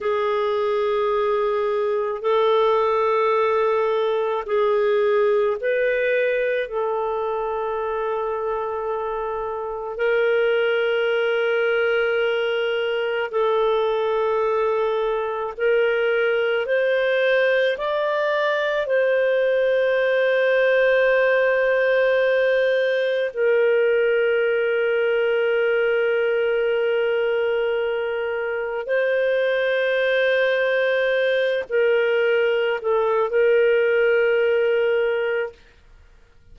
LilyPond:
\new Staff \with { instrumentName = "clarinet" } { \time 4/4 \tempo 4 = 54 gis'2 a'2 | gis'4 b'4 a'2~ | a'4 ais'2. | a'2 ais'4 c''4 |
d''4 c''2.~ | c''4 ais'2.~ | ais'2 c''2~ | c''8 ais'4 a'8 ais'2 | }